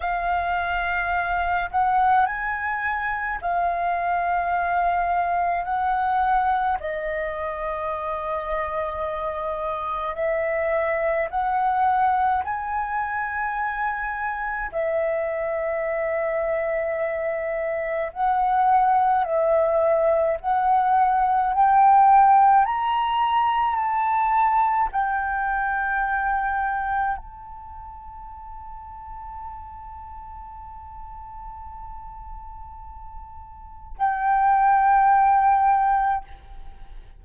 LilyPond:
\new Staff \with { instrumentName = "flute" } { \time 4/4 \tempo 4 = 53 f''4. fis''8 gis''4 f''4~ | f''4 fis''4 dis''2~ | dis''4 e''4 fis''4 gis''4~ | gis''4 e''2. |
fis''4 e''4 fis''4 g''4 | ais''4 a''4 g''2 | a''1~ | a''2 g''2 | }